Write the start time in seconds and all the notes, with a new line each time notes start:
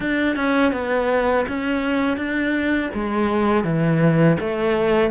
0.00 D4
0.36 C#4
0.72 B3
1.48 C#4
2.17 D4
2.94 G#3
3.64 E3
4.39 A3